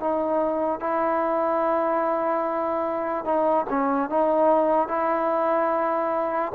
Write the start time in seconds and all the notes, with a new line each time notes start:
0.00 D#4
0.80 E4
3.25 D#4
3.69 C#4
4.09 D#4
4.88 E4